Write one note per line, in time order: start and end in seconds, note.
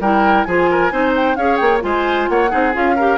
0.00 0.45 G3
0.00 0.48 E4
0.00 0.47 A#4
0.00 0.45 G5
0.45 0.92 F3
0.45 0.91 F4
0.45 0.70 G#4
0.45 1.13 G#5
0.71 0.93 A#4
0.91 1.36 C4
0.91 1.37 D#4
0.91 1.38 C5
1.16 1.36 G5
1.36 1.59 C#4
1.36 1.81 G#4
1.36 1.83 C#5
1.36 1.57 F5
1.57 1.84 A#3
1.57 1.80 G5
1.81 2.29 G#3
1.81 2.49 F4
1.81 2.30 C5
1.81 2.29 G#5
2.29 2.52 A#3
2.29 2.51 C#5
2.29 2.75 F#5
2.50 2.75 C4
2.50 2.72 D#4
2.50 2.96 G#4
2.73 3.18 C#4
2.73 2.96 F4
2.73 3.18 F5
2.96 3.18 G4
2.96 3.18 A#4